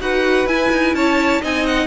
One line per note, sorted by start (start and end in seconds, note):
0.00 0.46 D#4
0.00 0.47 F#4
0.00 0.95 B4
0.00 0.47 F#5
0.46 0.69 E4
0.46 1.42 E4
0.46 0.94 G#5
0.72 0.93 D#4
0.93 1.40 C#4
0.93 1.41 C#5
0.93 1.42 A5
1.41 1.87 C4
1.41 1.87 D#4
1.41 1.87 D#5
1.41 1.66 G#5
1.66 1.87 F#5